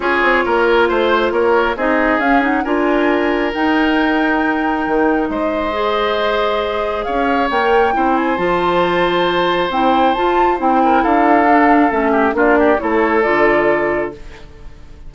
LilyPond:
<<
  \new Staff \with { instrumentName = "flute" } { \time 4/4 \tempo 4 = 136 cis''2 c''4 cis''4 | dis''4 f''8 fis''8 gis''2 | g''1 | dis''1 |
f''4 g''4. gis''8 a''4~ | a''2 g''4 a''4 | g''4 f''2 e''4 | d''4 cis''4 d''2 | }
  \new Staff \with { instrumentName = "oboe" } { \time 4/4 gis'4 ais'4 c''4 ais'4 | gis'2 ais'2~ | ais'1 | c''1 |
cis''2 c''2~ | c''1~ | c''8 ais'8 a'2~ a'8 g'8 | f'8 g'8 a'2. | }
  \new Staff \with { instrumentName = "clarinet" } { \time 4/4 f'1 | dis'4 cis'8 dis'8 f'2 | dis'1~ | dis'4 gis'2.~ |
gis'4 ais'4 e'4 f'4~ | f'2 e'4 f'4 | e'2 d'4 cis'4 | d'4 e'4 f'2 | }
  \new Staff \with { instrumentName = "bassoon" } { \time 4/4 cis'8 c'8 ais4 a4 ais4 | c'4 cis'4 d'2 | dis'2. dis4 | gis1 |
cis'4 ais4 c'4 f4~ | f2 c'4 f'4 | c'4 d'2 a4 | ais4 a4 d2 | }
>>